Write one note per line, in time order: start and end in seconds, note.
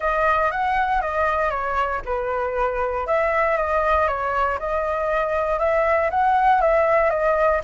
0.00 0.51 D#5
0.51 1.01 F#5
1.01 1.50 D#5
1.50 2.01 C#5
2.05 3.06 B4
3.06 3.57 E5
3.57 4.07 D#5
4.07 4.58 C#5
4.59 5.59 D#5
5.59 6.10 E5
6.10 6.61 F#5
6.61 7.10 E5
7.10 7.61 D#5